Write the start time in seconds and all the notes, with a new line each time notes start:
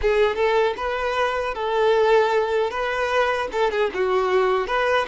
0.01 G#4
0.35 A4
0.77 B4
1.54 A4
2.70 B4
3.51 A4
3.70 G#4
3.94 F#4
4.67 B4